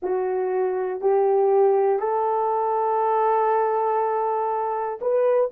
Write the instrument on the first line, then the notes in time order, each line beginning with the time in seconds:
horn
0.02 F#4
1.00 G4
1.99 A4
5.01 B4